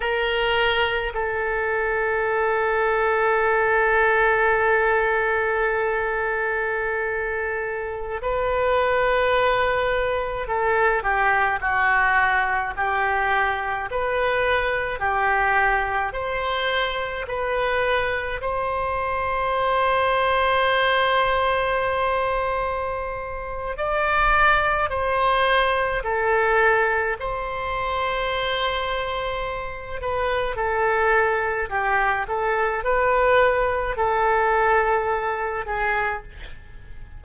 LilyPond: \new Staff \with { instrumentName = "oboe" } { \time 4/4 \tempo 4 = 53 ais'4 a'2.~ | a'2.~ a'16 b'8.~ | b'4~ b'16 a'8 g'8 fis'4 g'8.~ | g'16 b'4 g'4 c''4 b'8.~ |
b'16 c''2.~ c''8.~ | c''4 d''4 c''4 a'4 | c''2~ c''8 b'8 a'4 | g'8 a'8 b'4 a'4. gis'8 | }